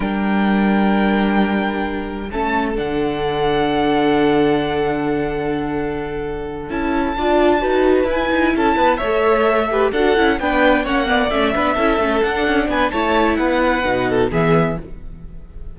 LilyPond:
<<
  \new Staff \with { instrumentName = "violin" } { \time 4/4 \tempo 4 = 130 g''1~ | g''4 a''4 fis''2~ | fis''1~ | fis''2~ fis''8 a''4.~ |
a''4. gis''4 a''4 e''8~ | e''4. fis''4 g''4 fis''8~ | fis''8 e''2 fis''4 gis''8 | a''4 fis''2 e''4 | }
  \new Staff \with { instrumentName = "violin" } { \time 4/4 ais'1~ | ais'4 a'2.~ | a'1~ | a'2.~ a'8 d''8~ |
d''8 b'2 a'8 b'8 cis''8~ | cis''4 b'8 a'4 b'4 cis''8 | d''4 b'8 a'2 b'8 | cis''4 b'4. a'8 gis'4 | }
  \new Staff \with { instrumentName = "viola" } { \time 4/4 d'1~ | d'4 cis'4 d'2~ | d'1~ | d'2~ d'8 e'4 f'8~ |
f'8 fis'4 e'2 a'8~ | a'4 g'8 fis'8 e'8 d'4 cis'8 | b8 cis'8 d'8 e'8 cis'8 d'4. | e'2 dis'4 b4 | }
  \new Staff \with { instrumentName = "cello" } { \time 4/4 g1~ | g4 a4 d2~ | d1~ | d2~ d8 cis'4 d'8~ |
d'8 dis'4 e'8 dis'8 cis'8 b8 a8~ | a4. d'8 cis'8 b4 ais8~ | ais8 a8 b8 cis'8 a8 d'8 cis'8 b8 | a4 b4 b,4 e4 | }
>>